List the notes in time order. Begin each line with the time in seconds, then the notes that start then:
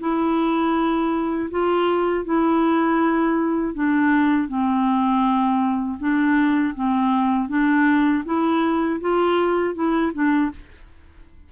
0.00 E4
1.51 F4
2.25 E4
3.75 D4
4.48 C4
6.00 D4
6.75 C4
7.49 D4
8.25 E4
9.01 F4
9.75 E4
10.14 D4